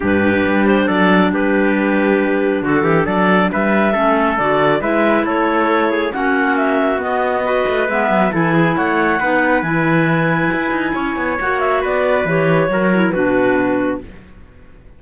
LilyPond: <<
  \new Staff \with { instrumentName = "clarinet" } { \time 4/4 \tempo 4 = 137 b'4. c''8 d''4 b'4~ | b'2 a'4 d''4 | e''2 d''4 e''4 | cis''2 fis''4 e''4 |
dis''2 e''4 gis''4 | fis''2 gis''2~ | gis''2 fis''8 e''8 d''4 | cis''2 b'2 | }
  \new Staff \with { instrumentName = "trumpet" } { \time 4/4 g'2 a'4 g'4~ | g'2 fis'8 g'8 a'4 | b'4 a'2 b'4 | a'4. gis'8 fis'2~ |
fis'4 b'2 a'8 gis'8 | cis''4 b'2.~ | b'4 cis''2 b'4~ | b'4 ais'4 fis'2 | }
  \new Staff \with { instrumentName = "clarinet" } { \time 4/4 d'1~ | d'1~ | d'4 cis'4 fis'4 e'4~ | e'2 cis'2 |
b4 fis'4 b4 e'4~ | e'4 dis'4 e'2~ | e'2 fis'2 | g'4 fis'8 e'8 d'2 | }
  \new Staff \with { instrumentName = "cello" } { \time 4/4 g,4 g4 fis4 g4~ | g2 d8 e8 fis4 | g4 a4 d4 gis4 | a2 ais2 |
b4. a8 gis8 fis8 e4 | a4 b4 e2 | e'8 dis'8 cis'8 b8 ais4 b4 | e4 fis4 b,2 | }
>>